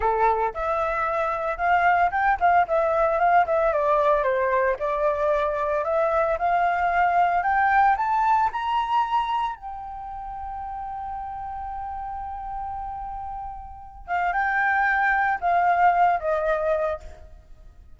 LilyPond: \new Staff \with { instrumentName = "flute" } { \time 4/4 \tempo 4 = 113 a'4 e''2 f''4 | g''8 f''8 e''4 f''8 e''8 d''4 | c''4 d''2 e''4 | f''2 g''4 a''4 |
ais''2 g''2~ | g''1~ | g''2~ g''8 f''8 g''4~ | g''4 f''4. dis''4. | }